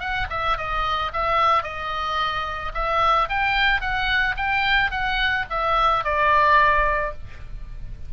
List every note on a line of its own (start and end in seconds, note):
0.00 0.27 F#5
0.30 0.58 E5
0.58 1.12 D#5
1.14 1.63 E5
1.63 2.72 D#5
2.75 3.29 E5
3.30 3.81 G5
3.81 4.36 F#5
4.37 4.91 G5
4.91 5.46 F#5
5.50 6.04 E5
6.04 7.14 D5